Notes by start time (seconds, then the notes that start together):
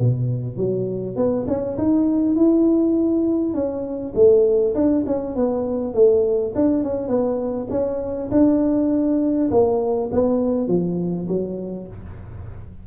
0.00 B2
0.58 F#3
1.17 B3
1.48 C#4
1.78 D#4
2.36 E4
3.55 C#4
4.15 A3
4.75 D4
5.07 C#4
5.36 B3
5.95 A3
6.56 D4
6.84 C#4
7.08 B3
7.71 C#4
8.32 D4
9.51 A#3
10.12 B3
10.68 F3
11.28 F#3